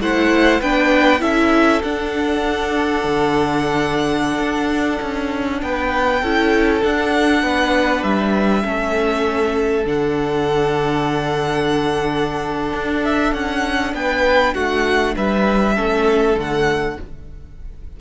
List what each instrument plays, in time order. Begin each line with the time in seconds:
0.00 cello A3, viola E4, violin C5 F#5
0.60 cello B3, viola D4, violin B4 G5
1.20 cello C#4, viola E4, violin A4 E5
1.83 cello D4, viola D4, violin F#5
3.04 cello D3
4.39 cello D4
5.02 cello C#4
5.62 cello B3, violin B4 G5
6.21 cello C#4, viola E4, violin A4
6.82 viola D4, cello D4, violin F#5
7.42 cello B3, violin B4
8.03 cello G3, violin E5
8.63 cello A3, viola C#4, violin A4
9.85 cello D3, viola D4, violin F#5
12.73 cello D4
13.04 violin E5
13.34 cello C#4, violin F#5
13.94 cello B3, violin B4 G5
14.54 cello A3, violin F#4 F#5
15.16 cello G3, violin B4 E5
15.75 cello A3, viola C#4, violin A4
16.36 cello D3, viola A3, violin F#5